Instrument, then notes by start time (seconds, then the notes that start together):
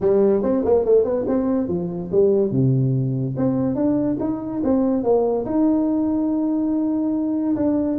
tuba
0.00 G3
0.43 C4
0.64 A#3
0.84 A3
1.04 B3
1.27 C4
1.68 F3
2.11 G3
2.51 C3
3.36 C4
3.75 D4
4.20 D#4
4.63 C4
5.03 A#3
5.45 D#4
7.56 D4